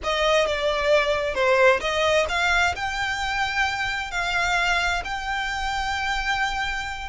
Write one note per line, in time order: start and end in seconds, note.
0.03 0.46 D#5
0.46 1.34 D5
1.34 1.80 C5
1.80 2.26 D#5
2.29 2.74 F5
2.75 4.11 G5
4.11 5.03 F5
5.04 7.09 G5